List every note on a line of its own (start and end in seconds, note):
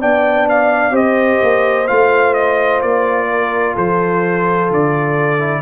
0.00 0.91 B3
0.00 0.91 D4
0.00 0.92 D5
0.00 0.48 G5
0.49 0.96 F5
0.91 1.38 C4
0.91 1.85 G4
0.91 3.27 C5
0.91 1.87 D#5
1.42 1.89 A#3
1.87 2.82 A3
1.87 5.39 F4
1.87 2.34 F5
2.34 2.81 D#5
2.82 3.76 A#3
2.82 3.75 D5
3.29 3.74 A#4
3.74 4.70 F3
3.74 5.61 A4
3.74 4.71 C5
4.70 5.61 D3
4.70 5.61 D5
5.39 5.61 E4